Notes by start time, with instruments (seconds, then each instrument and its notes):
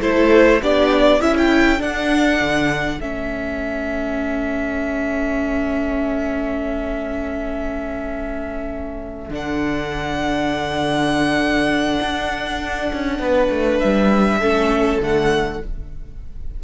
0.00 cello A3, viola E4, violin A4 C5
0.61 cello B3, viola D4, violin G4 D5
1.20 cello C#4, viola E4, violin A4 E5
1.37 violin G5
1.78 viola D4, cello D4, violin F#5
2.40 cello D3
3.00 cello A3, viola C#4, violin E5
9.29 cello D3, viola D4, violin F#5
12.01 cello D4
12.92 cello C#4
13.19 cello B3, violin B4
13.49 cello A3
13.79 cello G3, violin E5
14.37 cello A3, viola C#4, violin A4
14.97 cello D3, viola A3, violin F#5